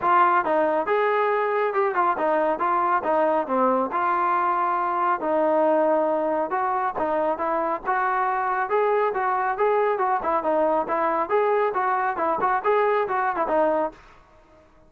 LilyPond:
\new Staff \with { instrumentName = "trombone" } { \time 4/4 \tempo 4 = 138 f'4 dis'4 gis'2 | g'8 f'8 dis'4 f'4 dis'4 | c'4 f'2. | dis'2. fis'4 |
dis'4 e'4 fis'2 | gis'4 fis'4 gis'4 fis'8 e'8 | dis'4 e'4 gis'4 fis'4 | e'8 fis'8 gis'4 fis'8. e'16 dis'4 | }